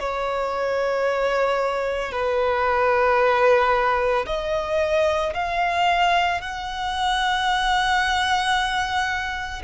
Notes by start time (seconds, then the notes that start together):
0.00 C#5
2.12 B4
4.27 D#5
5.34 F5
6.41 F#5